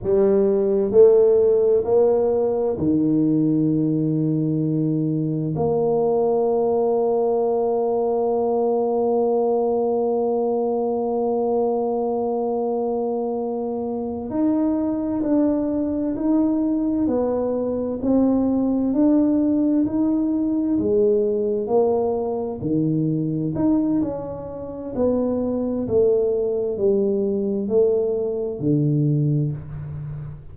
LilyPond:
\new Staff \with { instrumentName = "tuba" } { \time 4/4 \tempo 4 = 65 g4 a4 ais4 dis4~ | dis2 ais2~ | ais1~ | ais2.~ ais8 dis'8~ |
dis'8 d'4 dis'4 b4 c'8~ | c'8 d'4 dis'4 gis4 ais8~ | ais8 dis4 dis'8 cis'4 b4 | a4 g4 a4 d4 | }